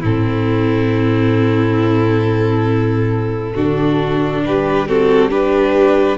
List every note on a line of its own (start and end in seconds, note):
0.00 3.56 A2
0.00 3.56 C4
0.00 3.53 E4
0.00 4.44 A4
3.55 4.44 D3
3.55 4.87 D4
3.55 4.43 F#4
4.44 6.18 G3
4.44 4.88 G4
4.44 4.88 B4
4.87 5.30 C4
4.87 5.31 F#4
4.87 5.30 A4
5.30 6.18 D4
5.30 6.18 G4
5.30 6.18 B4